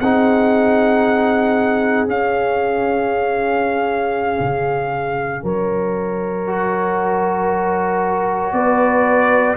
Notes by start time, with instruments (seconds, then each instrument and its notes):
0.00 tuba C4, trombone D#4, horn G#4, trumpet F#5
2.07 tuba C#4, trombone C#4, trumpet F5
4.40 tuba C#3
5.43 tuba F#3, horn A#4, trumpet C#5
6.47 trombone F#4
8.52 tuba B3, horn B4, trumpet D5